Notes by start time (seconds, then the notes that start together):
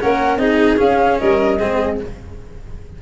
0.00 A#3 C#4 A#4 F#5
0.36 C4 D#4 G#4 D#5
0.77 C#4 F5
1.19 G3 A#4 D#5
1.58 G#3 C4 G#4